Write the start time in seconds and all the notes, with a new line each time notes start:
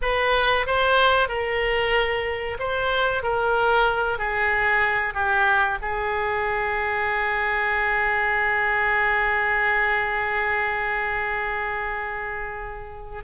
0.01 B4
0.66 C5
1.28 A#4
2.59 C5
3.22 A#4
4.18 G#4
5.13 G4
5.81 G#4